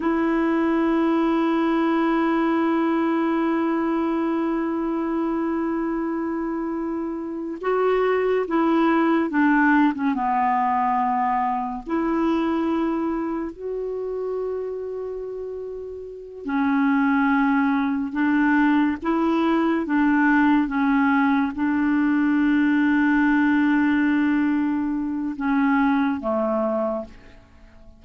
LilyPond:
\new Staff \with { instrumentName = "clarinet" } { \time 4/4 \tempo 4 = 71 e'1~ | e'1~ | e'4 fis'4 e'4 d'8. cis'16 | b2 e'2 |
fis'2.~ fis'8 cis'8~ | cis'4. d'4 e'4 d'8~ | d'8 cis'4 d'2~ d'8~ | d'2 cis'4 a4 | }